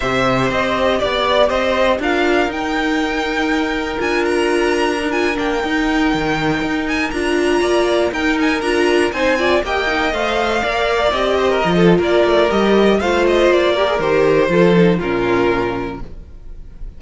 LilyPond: <<
  \new Staff \with { instrumentName = "violin" } { \time 4/4 \tempo 4 = 120 e''4 dis''4 d''4 dis''4 | f''4 g''2. | gis''8 ais''4.~ ais''16 gis''8 g''4~ g''16~ | g''4.~ g''16 gis''8 ais''4.~ ais''16~ |
ais''16 g''8 gis''8 ais''4 gis''4 g''8.~ | g''16 f''2 dis''4.~ dis''16 | d''4 dis''4 f''8 dis''8 d''4 | c''2 ais'2 | }
  \new Staff \with { instrumentName = "violin" } { \time 4/4 c''2 d''4 c''4 | ais'1~ | ais'1~ | ais'2.~ ais'16 d''8.~ |
d''16 ais'2 c''8 d''8 dis''8.~ | dis''4~ dis''16 d''4. c''16 ais'8 a'8 | ais'2 c''4. ais'8~ | ais'4 a'4 f'2 | }
  \new Staff \with { instrumentName = "viola" } { \time 4/4 g'1 | f'4 dis'2. | f'2 dis'16 f'8 d'8 dis'8.~ | dis'2~ dis'16 f'4.~ f'16~ |
f'16 dis'4 f'4 dis'8 f'8 g'8 dis'16~ | dis'16 c''4 ais'4 g'4 f'8.~ | f'4 g'4 f'4. g'16 gis'16 | g'4 f'8 dis'8 cis'2 | }
  \new Staff \with { instrumentName = "cello" } { \time 4/4 c4 c'4 b4 c'4 | d'4 dis'2. | d'2~ d'8. ais8 dis'8.~ | dis'16 dis4 dis'4 d'4 ais8.~ |
ais16 dis'4 d'4 c'4 ais8.~ | ais16 a4 ais4 c'4 f8. | ais8 a8 g4 a4 ais4 | dis4 f4 ais,2 | }
>>